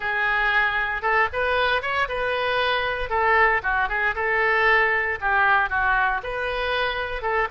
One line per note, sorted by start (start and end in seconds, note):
0.00 1.02 G#4
1.02 1.28 A4
1.32 1.82 B4
1.82 2.07 C#5
2.08 3.09 B4
3.09 3.61 A4
3.63 3.88 F#4
3.88 4.14 G#4
4.15 5.18 A4
5.20 5.69 G4
5.69 6.21 F#4
6.23 7.22 B4
7.22 7.48 A4